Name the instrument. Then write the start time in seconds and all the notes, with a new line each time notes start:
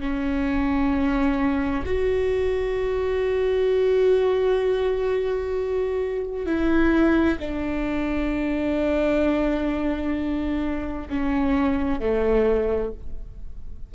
viola
0.00 C#4
1.85 F#4
6.46 E4
7.39 D4
11.09 C#4
12.00 A3